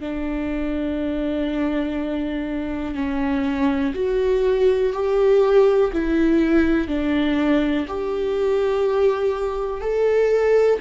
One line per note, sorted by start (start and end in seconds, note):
0.00 2.95 D4
2.95 3.93 C#4
3.94 4.93 F#4
4.93 5.92 G4
5.93 6.88 E4
6.88 7.86 D4
7.88 9.81 G4
9.81 10.79 A4